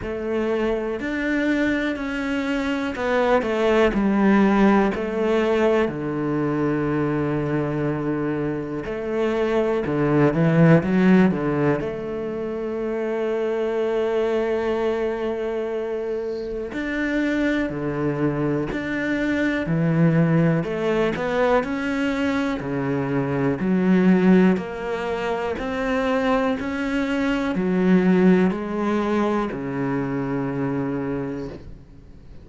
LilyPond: \new Staff \with { instrumentName = "cello" } { \time 4/4 \tempo 4 = 61 a4 d'4 cis'4 b8 a8 | g4 a4 d2~ | d4 a4 d8 e8 fis8 d8 | a1~ |
a4 d'4 d4 d'4 | e4 a8 b8 cis'4 cis4 | fis4 ais4 c'4 cis'4 | fis4 gis4 cis2 | }